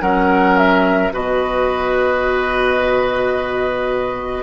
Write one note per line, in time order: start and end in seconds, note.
0.00 1.11 F#3
0.00 1.11 C#4
0.00 1.12 A#4
0.00 0.57 F#5
0.57 1.12 E5
1.11 4.43 B2
1.11 4.43 F#4
1.11 4.43 B4
1.11 4.43 D#5